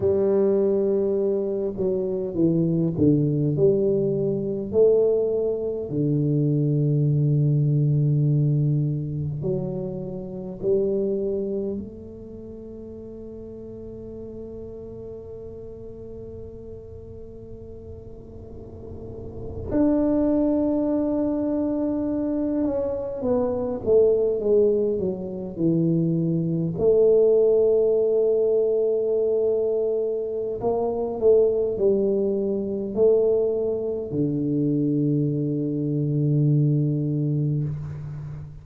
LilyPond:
\new Staff \with { instrumentName = "tuba" } { \time 4/4 \tempo 4 = 51 g4. fis8 e8 d8 g4 | a4 d2. | fis4 g4 a2~ | a1~ |
a8. d'2~ d'8 cis'8 b16~ | b16 a8 gis8 fis8 e4 a4~ a16~ | a2 ais8 a8 g4 | a4 d2. | }